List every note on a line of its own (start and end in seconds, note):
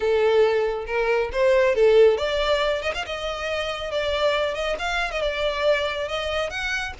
0.00 0.85 A4
0.86 1.30 A#4
1.32 1.75 C5
1.75 2.17 A4
2.17 2.81 D5
2.81 2.92 D#5
2.94 3.05 F5
3.06 3.91 D#5
3.91 4.54 D5
4.54 4.76 D#5
4.78 5.11 F5
5.11 5.21 D#5
5.21 6.08 D5
6.08 6.49 D#5
6.49 6.93 F#5